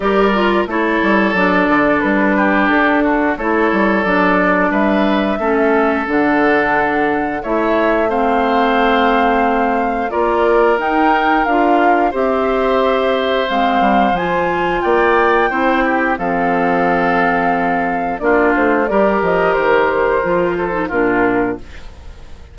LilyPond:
<<
  \new Staff \with { instrumentName = "flute" } { \time 4/4 \tempo 4 = 89 d''4 cis''4 d''4 b'4 | a'4 cis''4 d''4 e''4~ | e''4 fis''2 e''4 | f''2. d''4 |
g''4 f''4 e''2 | f''4 gis''4 g''2 | f''2. d''8 c''8 | d''8 dis''8 c''2 ais'4 | }
  \new Staff \with { instrumentName = "oboe" } { \time 4/4 ais'4 a'2~ a'8 g'8~ | g'8 fis'8 a'2 b'4 | a'2. cis''4 | c''2. ais'4~ |
ais'2 c''2~ | c''2 d''4 c''8 g'8 | a'2. f'4 | ais'2~ ais'8 a'8 f'4 | }
  \new Staff \with { instrumentName = "clarinet" } { \time 4/4 g'8 f'8 e'4 d'2~ | d'4 e'4 d'2 | cis'4 d'2 e'4 | c'2. f'4 |
dis'4 f'4 g'2 | c'4 f'2 e'4 | c'2. d'4 | g'2 f'8. dis'16 d'4 | }
  \new Staff \with { instrumentName = "bassoon" } { \time 4/4 g4 a8 g8 fis8 d8 g4 | d'4 a8 g8 fis4 g4 | a4 d2 a4~ | a2. ais4 |
dis'4 d'4 c'2 | gis8 g8 f4 ais4 c'4 | f2. ais8 a8 | g8 f8 dis4 f4 ais,4 | }
>>